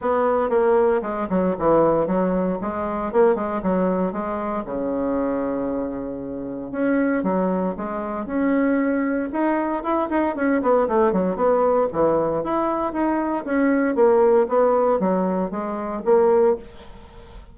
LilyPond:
\new Staff \with { instrumentName = "bassoon" } { \time 4/4 \tempo 4 = 116 b4 ais4 gis8 fis8 e4 | fis4 gis4 ais8 gis8 fis4 | gis4 cis2.~ | cis4 cis'4 fis4 gis4 |
cis'2 dis'4 e'8 dis'8 | cis'8 b8 a8 fis8 b4 e4 | e'4 dis'4 cis'4 ais4 | b4 fis4 gis4 ais4 | }